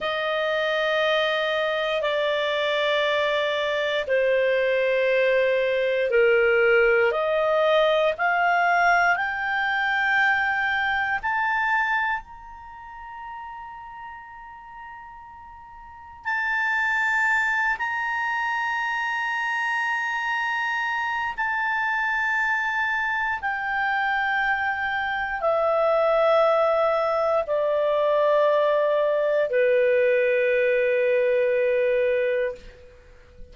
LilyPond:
\new Staff \with { instrumentName = "clarinet" } { \time 4/4 \tempo 4 = 59 dis''2 d''2 | c''2 ais'4 dis''4 | f''4 g''2 a''4 | ais''1 |
a''4. ais''2~ ais''8~ | ais''4 a''2 g''4~ | g''4 e''2 d''4~ | d''4 b'2. | }